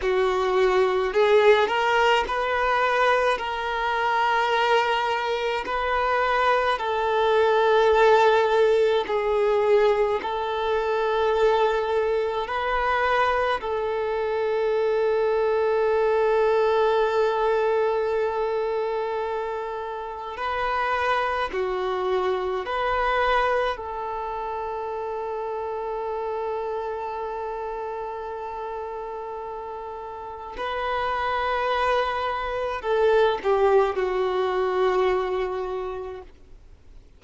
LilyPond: \new Staff \with { instrumentName = "violin" } { \time 4/4 \tempo 4 = 53 fis'4 gis'8 ais'8 b'4 ais'4~ | ais'4 b'4 a'2 | gis'4 a'2 b'4 | a'1~ |
a'2 b'4 fis'4 | b'4 a'2.~ | a'2. b'4~ | b'4 a'8 g'8 fis'2 | }